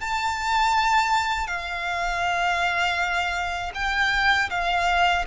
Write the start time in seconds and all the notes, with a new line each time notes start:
0.00 A5
1.47 F5
3.74 G5
4.49 F5